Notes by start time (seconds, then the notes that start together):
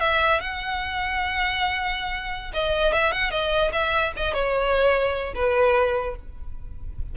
0.00 E5
0.40 F#5
2.54 D#5
2.93 E5
3.12 F#5
3.31 D#5
3.72 E5
4.17 D#5
4.34 C#5
5.35 B4